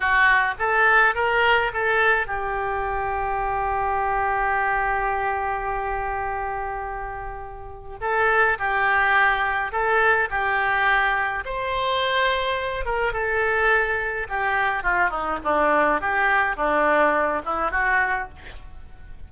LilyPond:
\new Staff \with { instrumentName = "oboe" } { \time 4/4 \tempo 4 = 105 fis'4 a'4 ais'4 a'4 | g'1~ | g'1~ | g'2 a'4 g'4~ |
g'4 a'4 g'2 | c''2~ c''8 ais'8 a'4~ | a'4 g'4 f'8 dis'8 d'4 | g'4 d'4. e'8 fis'4 | }